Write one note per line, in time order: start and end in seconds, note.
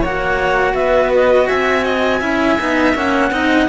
0.00 0.74 A#3
0.00 2.21 F#4
0.00 0.73 C#5
0.00 0.75 F#5
0.74 1.47 B3
0.74 1.48 B4
0.74 1.11 E5
1.15 1.48 D#5
1.48 2.22 C4
1.48 1.84 E5
1.48 2.94 G#5
1.84 2.20 D#5
2.20 2.58 C#4
2.20 2.58 E4
2.20 3.30 E5
2.59 2.95 B3
2.59 2.96 D#4
2.95 3.30 A#3
2.95 3.32 C#4
2.95 3.69 F#5
3.30 3.67 C4
3.30 3.69 D#4
3.30 3.69 D#5